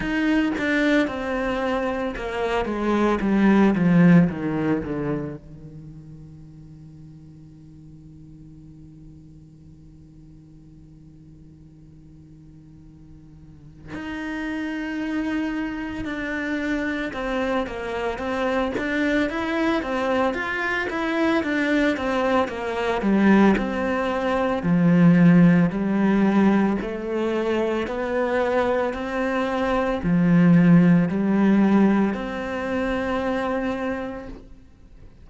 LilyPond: \new Staff \with { instrumentName = "cello" } { \time 4/4 \tempo 4 = 56 dis'8 d'8 c'4 ais8 gis8 g8 f8 | dis8 d8 dis2.~ | dis1~ | dis4 dis'2 d'4 |
c'8 ais8 c'8 d'8 e'8 c'8 f'8 e'8 | d'8 c'8 ais8 g8 c'4 f4 | g4 a4 b4 c'4 | f4 g4 c'2 | }